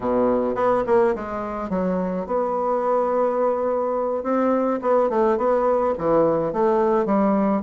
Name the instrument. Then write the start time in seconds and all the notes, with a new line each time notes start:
bassoon
0.00 B2
0.55 B3
0.86 A#3
1.15 G#3
1.69 F#3
2.26 B3
4.23 C4
4.81 B3
5.09 A3
5.37 B3
5.98 E3
6.52 A3
7.05 G3